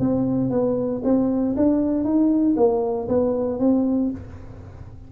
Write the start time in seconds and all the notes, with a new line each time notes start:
0.00 C4
0.50 B3
1.04 C4
1.57 D4
2.04 D#4
2.57 A#3
3.08 B3
3.59 C4